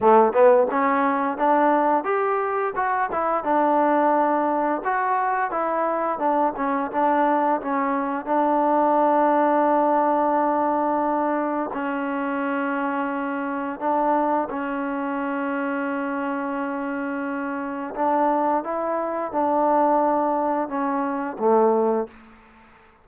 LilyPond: \new Staff \with { instrumentName = "trombone" } { \time 4/4 \tempo 4 = 87 a8 b8 cis'4 d'4 g'4 | fis'8 e'8 d'2 fis'4 | e'4 d'8 cis'8 d'4 cis'4 | d'1~ |
d'4 cis'2. | d'4 cis'2.~ | cis'2 d'4 e'4 | d'2 cis'4 a4 | }